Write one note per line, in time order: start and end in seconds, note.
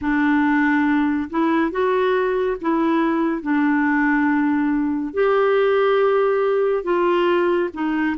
0.01 1.29 D4
1.30 1.71 E4
1.71 2.56 F#4
2.61 3.42 E4
3.42 5.13 D4
5.13 6.83 G4
6.83 7.69 F4
7.73 8.16 D#4